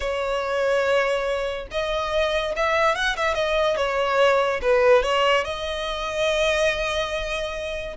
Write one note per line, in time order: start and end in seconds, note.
0.00 1.67 C#5
1.71 2.55 D#5
2.56 2.95 E5
2.95 3.16 F#5
3.16 3.34 E5
3.34 3.76 D#5
3.76 4.60 C#5
4.61 5.03 B4
5.03 5.44 C#5
5.44 7.96 D#5